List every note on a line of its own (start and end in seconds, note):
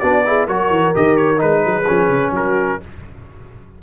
0.00 0.48 B3
0.00 0.25 D4
0.00 0.23 F#4
0.00 0.47 D5
0.25 0.49 E4
0.25 0.47 G#4
0.47 0.70 F#3
0.47 0.95 F#4
0.47 1.63 A#4
0.47 0.95 C#5
0.70 0.94 E3
0.95 1.43 D#3
0.95 1.37 G4
0.95 1.17 D#5
1.17 1.40 C#5
1.37 1.65 G#3
1.37 1.84 D#4
1.37 2.34 B4
1.65 1.89 F#3
1.65 2.33 G#4
1.87 2.09 F3
1.87 2.81 C#4
2.09 2.32 C#3
2.32 2.78 F#3
2.32 2.80 F#4
2.32 2.83 A#4